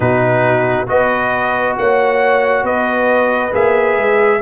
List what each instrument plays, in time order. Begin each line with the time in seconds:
0.00 tuba B2, trombone D#4, horn F#4, trumpet B4
0.86 tuba B3, trombone F#4, horn B4, trumpet D#5
1.77 tuba A#3, horn C#5, trumpet F#5
2.63 tuba B3, horn B4, trumpet D#5
3.51 tuba A#3, trombone G#4, trumpet E5
3.97 tuba G#3